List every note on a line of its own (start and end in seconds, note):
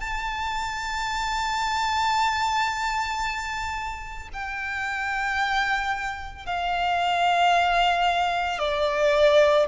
0.00 4.29 A5
4.33 6.46 G5
6.46 8.59 F5
8.59 9.66 D5